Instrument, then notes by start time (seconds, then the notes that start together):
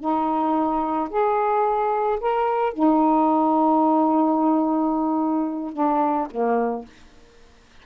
saxophone
0.00 D#4
1.10 G#4
2.20 A#4
2.73 D#4
5.73 D4
6.31 A#3